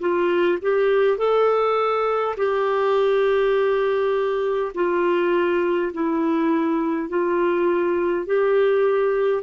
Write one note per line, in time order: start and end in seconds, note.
0.00 0.59 F4
0.62 1.18 G4
1.18 2.36 A4
2.37 4.73 G4
4.75 5.93 F4
5.94 7.09 E4
7.09 8.27 F4
8.27 9.43 G4